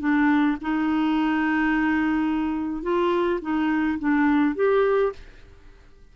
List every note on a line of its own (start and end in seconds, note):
0.00 0.57 D4
0.62 2.83 D#4
2.83 3.40 F4
3.42 3.99 D#4
3.99 4.56 D4
4.56 5.13 G4